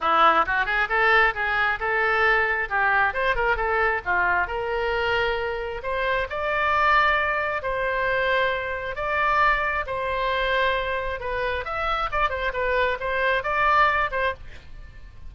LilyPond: \new Staff \with { instrumentName = "oboe" } { \time 4/4 \tempo 4 = 134 e'4 fis'8 gis'8 a'4 gis'4 | a'2 g'4 c''8 ais'8 | a'4 f'4 ais'2~ | ais'4 c''4 d''2~ |
d''4 c''2. | d''2 c''2~ | c''4 b'4 e''4 d''8 c''8 | b'4 c''4 d''4. c''8 | }